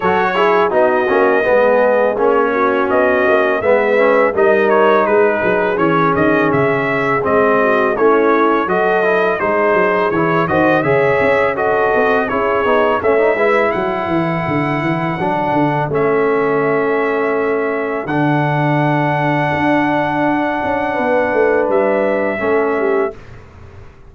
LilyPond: <<
  \new Staff \with { instrumentName = "trumpet" } { \time 4/4 \tempo 4 = 83 cis''4 dis''2 cis''4 | dis''4 e''4 dis''8 cis''8 b'4 | cis''8 dis''8 e''4 dis''4 cis''4 | dis''4 c''4 cis''8 dis''8 e''4 |
dis''4 cis''4 e''4 fis''4~ | fis''2 e''2~ | e''4 fis''2.~ | fis''2 e''2 | }
  \new Staff \with { instrumentName = "horn" } { \time 4/4 a'8 gis'8 fis'4 gis'4. fis'8~ | fis'4 b'4 ais'4 gis'4~ | gis'2~ gis'8 fis'8 e'4 | a'4 gis'4. c''8 cis''4 |
a'4 gis'4 cis''8 b'8 a'4~ | a'1~ | a'1~ | a'4 b'2 a'8 g'8 | }
  \new Staff \with { instrumentName = "trombone" } { \time 4/4 fis'8 e'8 dis'8 cis'8 b4 cis'4~ | cis'4 b8 cis'8 dis'2 | cis'2 c'4 cis'4 | fis'8 e'8 dis'4 e'8 fis'8 gis'4 |
fis'4 e'8 dis'8 cis'16 dis'16 e'4.~ | e'4 d'4 cis'2~ | cis'4 d'2.~ | d'2. cis'4 | }
  \new Staff \with { instrumentName = "tuba" } { \time 4/4 fis4 b8 ais8 gis4 ais4 | b8 ais8 gis4 g4 gis8 fis8 | e8 dis8 cis4 gis4 a4 | fis4 gis8 fis8 e8 dis8 cis8 cis'8~ |
cis'8 c'8 cis'8 b8 a8 gis8 fis8 e8 | d8 e8 fis8 d8 a2~ | a4 d2 d'4~ | d'8 cis'8 b8 a8 g4 a4 | }
>>